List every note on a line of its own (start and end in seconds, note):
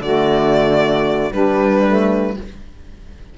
0.00 1.30 D3
0.00 1.31 A3
0.00 1.32 F#4
0.00 1.33 D5
1.31 1.83 G3
1.31 2.37 G3
1.31 2.36 D4
1.31 2.37 B4
1.86 2.38 A3